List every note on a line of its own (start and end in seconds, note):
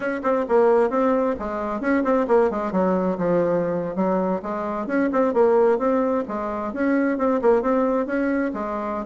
0.00 0.20 C#4
0.23 0.45 C4
0.48 0.89 A#3
0.89 1.35 C4
1.39 1.80 G#3
1.80 2.03 C#4
2.04 2.26 C4
2.27 2.50 A#3
2.50 2.72 G#3
2.72 3.17 F#3
3.18 3.95 F3
3.95 4.41 F#3
4.42 4.86 G#3
4.86 5.09 C#4
5.12 5.33 C4
5.33 5.78 A#3
5.78 6.24 C4
6.27 6.73 G#3
6.73 7.18 C#4
7.18 7.40 C4
7.41 7.62 A#3
7.62 8.06 C4
8.06 8.51 C#4
8.53 9.06 G#3